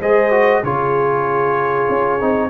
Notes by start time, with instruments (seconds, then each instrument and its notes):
0.00 tuba G#3, trombone G#4, horn C5, trumpet D#5
0.31 trombone F#4
0.63 tuba C#3, trombone F4, horn G#4, trumpet C#5
1.89 tuba C#4
2.20 tuba C4, trombone D#4